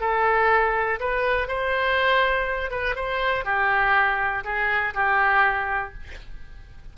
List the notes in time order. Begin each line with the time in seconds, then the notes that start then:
0.00 A4
1.00 B4
1.48 C5
2.70 B4
2.95 C5
3.45 G4
4.44 G#4
4.94 G4